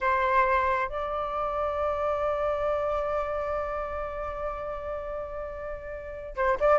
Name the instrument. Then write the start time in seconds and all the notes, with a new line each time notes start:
flute
0.00 C5
0.88 D5
6.36 C5
6.60 D5